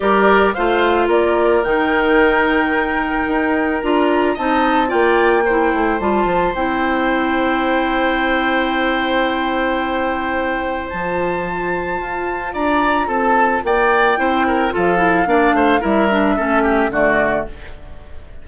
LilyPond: <<
  \new Staff \with { instrumentName = "flute" } { \time 4/4 \tempo 4 = 110 d''4 f''4 d''4 g''4~ | g''2. ais''4 | a''4 g''2 a''4 | g''1~ |
g''1 | a''2. ais''4 | a''4 g''2 f''4~ | f''4 e''2 d''4 | }
  \new Staff \with { instrumentName = "oboe" } { \time 4/4 ais'4 c''4 ais'2~ | ais'1 | dis''4 d''4 c''2~ | c''1~ |
c''1~ | c''2. d''4 | a'4 d''4 c''8 ais'8 a'4 | d''8 c''8 ais'4 a'8 g'8 fis'4 | }
  \new Staff \with { instrumentName = "clarinet" } { \time 4/4 g'4 f'2 dis'4~ | dis'2. f'4 | dis'4 f'4 e'4 f'4 | e'1~ |
e'1 | f'1~ | f'2 e'4 f'8 e'8 | d'4 e'8 d'8 cis'4 a4 | }
  \new Staff \with { instrumentName = "bassoon" } { \time 4/4 g4 a4 ais4 dis4~ | dis2 dis'4 d'4 | c'4 ais4. a8 g8 f8 | c'1~ |
c'1 | f2 f'4 d'4 | c'4 ais4 c'4 f4 | ais8 a8 g4 a4 d4 | }
>>